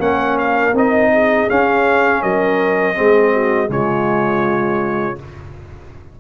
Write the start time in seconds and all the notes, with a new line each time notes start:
0.00 A#3 C#4 A#4 F#5
0.39 F5
0.73 C4 D#4 D#5
1.13 G#4
1.49 C#4 F5
2.22 F#3 A#4 D#5
2.95 G#3 C4 G#4
3.33 F#4
3.68 C#3 G#3 F4 C#5